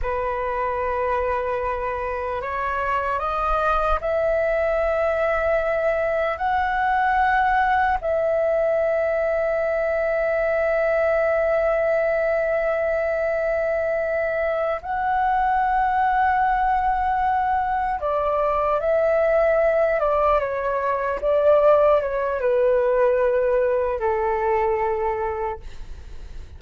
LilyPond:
\new Staff \with { instrumentName = "flute" } { \time 4/4 \tempo 4 = 75 b'2. cis''4 | dis''4 e''2. | fis''2 e''2~ | e''1~ |
e''2~ e''8 fis''4.~ | fis''2~ fis''8 d''4 e''8~ | e''4 d''8 cis''4 d''4 cis''8 | b'2 a'2 | }